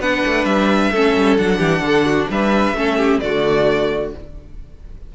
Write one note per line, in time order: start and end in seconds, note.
0.00 0.23 B3
0.00 0.93 D4
0.00 0.92 B4
0.00 0.45 F#5
0.26 0.45 A3
0.45 0.91 G3
0.45 1.37 E5
0.92 1.15 A3
0.92 1.38 C#4
0.92 1.58 A4
1.16 1.39 G3
1.37 1.60 F#3
1.37 2.75 D4
1.37 2.29 F#5
1.58 1.80 E3
1.58 1.81 G4
1.80 2.26 D3
1.80 2.05 A4
2.05 2.28 F#4
2.30 2.73 G3
2.30 2.77 B4
2.30 3.20 E5
2.73 3.19 A3
2.73 3.22 C#4
2.73 2.98 A4
2.98 3.21 G4
3.20 4.14 D3
3.20 4.14 A3
3.20 4.15 F#4
3.20 4.11 D5